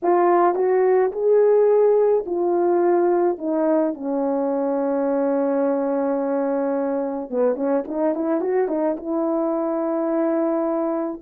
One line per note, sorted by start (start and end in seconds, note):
0.02 0.55 F4
0.55 1.11 F#4
1.12 2.24 G#4
2.26 3.38 F4
3.38 3.94 D#4
3.94 7.30 C#4
7.30 7.55 B3
7.55 7.83 C#4
7.87 8.15 D#4
8.15 8.40 E4
8.40 8.68 F#4
8.68 8.96 D#4
8.96 11.21 E4